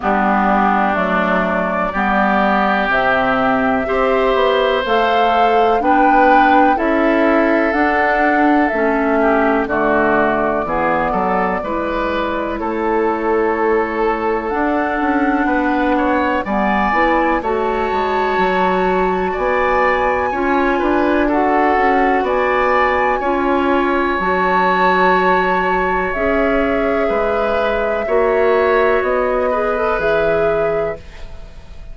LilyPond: <<
  \new Staff \with { instrumentName = "flute" } { \time 4/4 \tempo 4 = 62 g'4 d''2 e''4~ | e''4 f''4 g''4 e''4 | fis''4 e''4 d''2~ | d''4 cis''2 fis''4~ |
fis''4 gis''4 a''2 | gis''2 fis''4 gis''4~ | gis''4 a''2 e''4~ | e''2 dis''4 e''4 | }
  \new Staff \with { instrumentName = "oboe" } { \time 4/4 d'2 g'2 | c''2 b'4 a'4~ | a'4. g'8 fis'4 gis'8 a'8 | b'4 a'2. |
b'8 cis''8 d''4 cis''2 | d''4 cis''8 b'8 a'4 d''4 | cis''1 | b'4 cis''4. b'4. | }
  \new Staff \with { instrumentName = "clarinet" } { \time 4/4 b4 a4 b4 c'4 | g'4 a'4 d'4 e'4 | d'4 cis'4 a4 b4 | e'2. d'4~ |
d'4 b8 e'8 fis'2~ | fis'4 f'4 fis'2 | f'4 fis'2 gis'4~ | gis'4 fis'4. gis'16 a'16 gis'4 | }
  \new Staff \with { instrumentName = "bassoon" } { \time 4/4 g4 fis4 g4 c4 | c'8 b8 a4 b4 cis'4 | d'4 a4 d4 e8 fis8 | gis4 a2 d'8 cis'8 |
b4 g8 b8 a8 gis8 fis4 | b4 cis'8 d'4 cis'8 b4 | cis'4 fis2 cis'4 | gis4 ais4 b4 e4 | }
>>